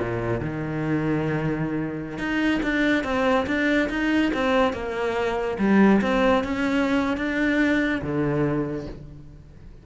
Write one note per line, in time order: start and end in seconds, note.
0.00 0.41 A#2
0.41 2.18 D#3
2.18 2.60 D#4
2.63 3.04 D4
3.04 3.46 C4
3.47 3.89 D4
3.90 4.32 D#4
4.34 4.73 C4
4.73 5.58 A#3
5.59 6.01 G3
6.01 6.44 C4
6.44 7.17 C#4
7.17 8.01 D4
8.02 8.87 D3